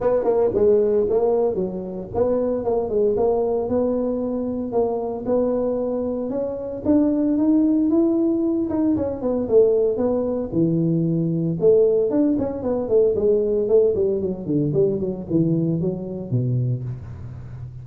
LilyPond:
\new Staff \with { instrumentName = "tuba" } { \time 4/4 \tempo 4 = 114 b8 ais8 gis4 ais4 fis4 | b4 ais8 gis8 ais4 b4~ | b4 ais4 b2 | cis'4 d'4 dis'4 e'4~ |
e'8 dis'8 cis'8 b8 a4 b4 | e2 a4 d'8 cis'8 | b8 a8 gis4 a8 g8 fis8 d8 | g8 fis8 e4 fis4 b,4 | }